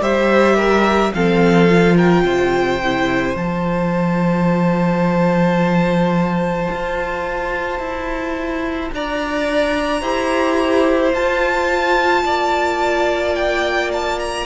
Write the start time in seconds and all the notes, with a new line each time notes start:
0.00 G3 G4 C5 E5
0.56 A#4
1.14 F3 C4 A4 F5
1.69 F4
1.96 A#4 G5
2.24 C3 C5
2.84 E4
3.35 F3 F4 A5
6.71 F4
7.80 E4
8.93 D4 D5 A#5
10.01 E4 G4 C5
11.13 F4 A5
12.24 A#3 D5
13.35 G5
13.93 A5
14.19 A#5